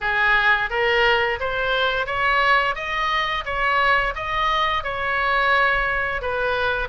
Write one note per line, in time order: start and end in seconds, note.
0.01 0.70 G#4
0.70 1.39 A#4
1.39 2.06 C5
2.06 2.75 C#5
2.75 3.44 D#5
3.45 4.14 C#5
4.15 4.83 D#5
4.83 6.21 C#5
6.21 6.88 B4